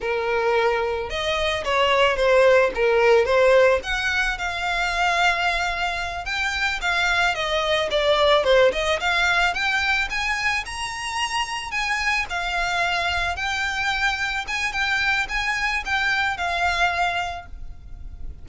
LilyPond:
\new Staff \with { instrumentName = "violin" } { \time 4/4 \tempo 4 = 110 ais'2 dis''4 cis''4 | c''4 ais'4 c''4 fis''4 | f''2.~ f''8 g''8~ | g''8 f''4 dis''4 d''4 c''8 |
dis''8 f''4 g''4 gis''4 ais''8~ | ais''4. gis''4 f''4.~ | f''8 g''2 gis''8 g''4 | gis''4 g''4 f''2 | }